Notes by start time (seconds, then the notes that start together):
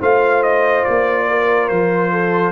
0.00 A3 F4 C5 F5
0.43 D#5
0.84 A#3 D5
1.28 A#4
1.68 F3 C5
2.11 A4